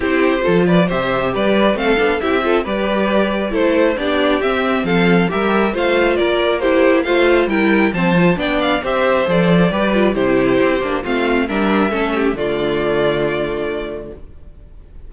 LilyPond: <<
  \new Staff \with { instrumentName = "violin" } { \time 4/4 \tempo 4 = 136 c''4. d''8 e''4 d''4 | f''4 e''4 d''2 | c''4 d''4 e''4 f''4 | e''4 f''4 d''4 c''4 |
f''4 g''4 a''4 g''8 f''8 | e''4 d''2 c''4~ | c''4 f''4 e''2 | d''1 | }
  \new Staff \with { instrumentName = "violin" } { \time 4/4 g'4 a'8 b'8 c''4 b'4 | a'4 g'8 a'8 b'2 | a'4 g'2 a'4 | ais'4 c''4 ais'4 g'4 |
c''4 ais'4 c''4 d''4 | c''2 b'4 g'4~ | g'4 f'4 ais'4 a'8 g'8 | f'1 | }
  \new Staff \with { instrumentName = "viola" } { \time 4/4 e'4 f'4 g'2 | c'8 d'8 e'8 f'8 g'2 | e'4 d'4 c'2 | g'4 f'2 e'4 |
f'4 e'4 c'8 f'8 d'4 | g'4 a'4 g'8 f'8 e'4~ | e'8 d'8 c'4 d'4 cis'4 | a1 | }
  \new Staff \with { instrumentName = "cello" } { \time 4/4 c'4 f4 c4 g4 | a8 b8 c'4 g2 | a4 b4 c'4 f4 | g4 a4 ais2 |
a4 g4 f4 b4 | c'4 f4 g4 c4 | c'8 ais8 a4 g4 a4 | d1 | }
>>